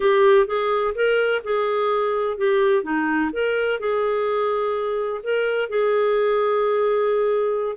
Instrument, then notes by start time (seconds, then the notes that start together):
clarinet
0.00 G4
0.46 G#4
0.94 A#4
1.43 G#4
2.37 G4
2.83 D#4
3.32 A#4
3.79 G#4
5.23 A#4
5.69 G#4